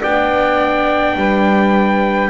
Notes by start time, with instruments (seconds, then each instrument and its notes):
0.00 double bass B3, viola D4, saxophone D5, trumpet G5
1.15 double bass G3, saxophone B4